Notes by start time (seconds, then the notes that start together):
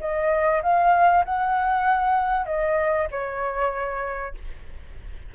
0.00 D#5
0.62 F5
1.25 F#5
2.46 D#5
3.11 C#5